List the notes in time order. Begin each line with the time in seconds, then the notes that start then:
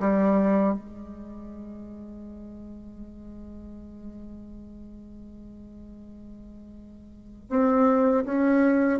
0.00 G3
0.74 G#3
7.50 C4
8.25 C#4